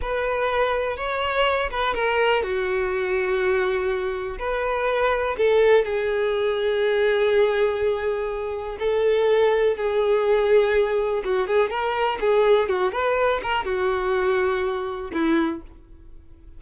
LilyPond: \new Staff \with { instrumentName = "violin" } { \time 4/4 \tempo 4 = 123 b'2 cis''4. b'8 | ais'4 fis'2.~ | fis'4 b'2 a'4 | gis'1~ |
gis'2 a'2 | gis'2. fis'8 gis'8 | ais'4 gis'4 fis'8 b'4 ais'8 | fis'2. e'4 | }